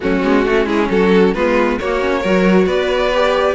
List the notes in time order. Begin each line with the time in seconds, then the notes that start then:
0.00 F#3 A3 C#4 F#4
0.23 G#3 B3
0.44 A3 C#4 F#4
0.65 G#3 E4 G#4
0.90 F#3 F#4 A4
1.33 G#3 B3 F4 B4
1.79 A#3 F#4 C#5
2.00 C#4
2.20 F#3 F#4 A#4
2.66 B3 B4 D5
3.13 G4